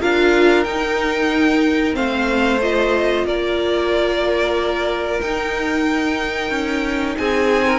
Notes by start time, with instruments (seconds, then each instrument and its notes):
0.00 cello D4, viola F4, violin A#4 F5
0.64 cello D#4, viola D#4, violin G5
1.92 cello A3, viola C4, violin C5 F5
2.61 viola F4, violin D#5
3.24 cello A#3, violin A#4 D5
5.21 viola D#4, cello D#4, violin G5
6.50 cello C#4
7.17 cello C4, violin G#4 G#5
7.67 violin A#4